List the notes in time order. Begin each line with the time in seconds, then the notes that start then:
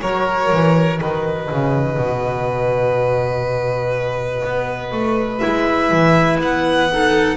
0.00 F#3 F#4 A#4 C#5
0.52 E3
0.99 D#3 B4 D#5
1.51 C#3
1.97 B2
4.44 B3
4.92 A3
5.39 G#3 E4 E5
5.91 E3
6.39 B3 F#5
6.92 D#4 A4